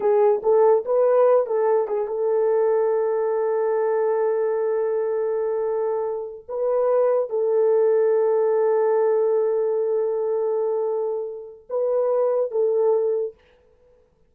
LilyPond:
\new Staff \with { instrumentName = "horn" } { \time 4/4 \tempo 4 = 144 gis'4 a'4 b'4. a'8~ | a'8 gis'8 a'2.~ | a'1~ | a'2.~ a'8 b'8~ |
b'4. a'2~ a'8~ | a'1~ | a'1 | b'2 a'2 | }